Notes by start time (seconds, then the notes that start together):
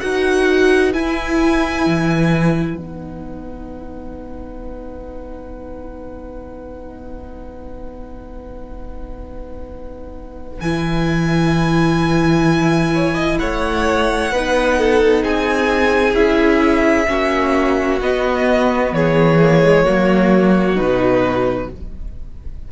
0.00 D#4 F#4 B4 F#5
0.94 E4 G#5
1.87 E3
2.75 B3 D#4 F#5
10.61 E3 E4 G#5
12.95 C#5
13.15 D#5
13.39 A3 C#5 F#5
14.33 B3 D#4 B4
14.79 A4
15.23 C4 G#4 G#5
16.15 C#4 E4 E5
17.08 A#3 C#4 F#4
18.01 B3 D#5
18.93 E3 G#4 C#5
19.42 A#3
19.64 G#3
19.85 F#3 A#3 F#4
20.77 B2 D#4 B4